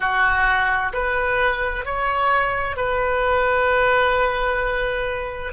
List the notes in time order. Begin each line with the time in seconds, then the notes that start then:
0.00 F#4
0.93 B4
1.85 C#5
2.76 B4